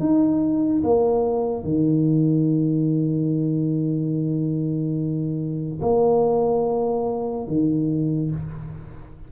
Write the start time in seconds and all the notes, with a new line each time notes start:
0.00 D#4
0.84 A#3
1.64 D#3
5.82 A#3
7.48 D#3